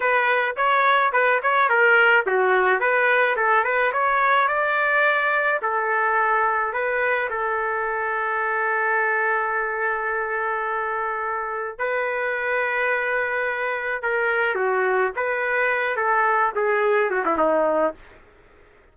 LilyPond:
\new Staff \with { instrumentName = "trumpet" } { \time 4/4 \tempo 4 = 107 b'4 cis''4 b'8 cis''8 ais'4 | fis'4 b'4 a'8 b'8 cis''4 | d''2 a'2 | b'4 a'2.~ |
a'1~ | a'4 b'2.~ | b'4 ais'4 fis'4 b'4~ | b'8 a'4 gis'4 fis'16 e'16 dis'4 | }